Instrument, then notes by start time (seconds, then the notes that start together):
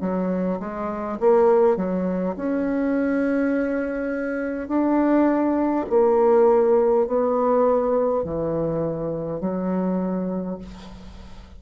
bassoon
0.00 F#3
0.59 G#3
1.20 A#3
1.76 F#3
2.36 C#4
4.67 D4
5.89 A#3
7.06 B3
8.24 E3
9.40 F#3